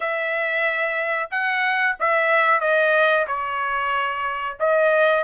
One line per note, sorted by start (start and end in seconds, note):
0.00 1.29 E5
1.30 1.96 F#5
1.99 2.60 E5
2.60 3.25 D#5
3.27 4.57 C#5
4.59 5.24 D#5